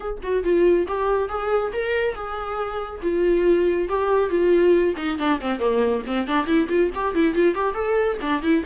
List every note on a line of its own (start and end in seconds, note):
0.00 0.18 G#4
0.23 0.43 F#4
0.43 0.86 F4
0.87 1.28 G4
1.28 1.71 G#4
1.73 2.14 A#4
2.14 3.01 G#4
3.02 3.88 F4
3.88 4.29 G4
4.29 4.94 F4
4.96 5.18 D#4
5.18 5.40 D4
5.40 5.59 C4
5.59 6.02 A#3
6.06 6.27 C4
6.27 6.46 D4
6.46 6.68 E4
6.68 6.90 F4
6.95 7.14 G4
7.14 7.34 E4
7.34 7.54 F4
7.54 7.74 G4
7.74 8.17 A4
8.21 8.42 D4
8.42 8.63 E4